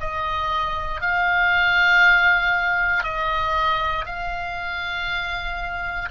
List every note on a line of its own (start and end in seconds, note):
0.00 1.01 D#5
1.01 3.04 F5
3.04 4.05 D#5
4.06 6.09 F5